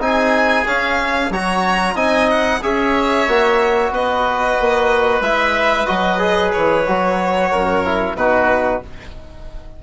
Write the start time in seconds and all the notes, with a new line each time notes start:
0.00 C4 D#4 G#4 G#5
0.66 C#4 F5
1.30 F#3 F#4 C#5 A#5
1.95 C4 D#4 D#5 G#5
2.31 F#5
2.62 C#4 G#4 C#5 E5
3.28 A#3 F#4
3.91 B3 B4 D#5
4.60 A#3
5.21 G#3 E4 E5
5.86 F#3 F#4 D#5
6.19 G#4
6.53 E3 C#5
6.88 F#3 F#4
7.52 F#2 A#4
7.85 E4
8.15 B2 D#4 F#4 B4